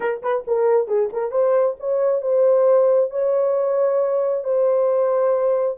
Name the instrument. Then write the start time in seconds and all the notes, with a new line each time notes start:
horn
0.00 A#4
0.22 B4
0.47 A#4
0.87 G#4
1.12 A#4
1.31 C5
1.79 C#5
2.21 C5
3.10 C#5
4.44 C5